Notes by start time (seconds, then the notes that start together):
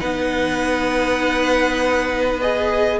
0.00 B3 D#4 B4 F#5
2.42 G#4 D#5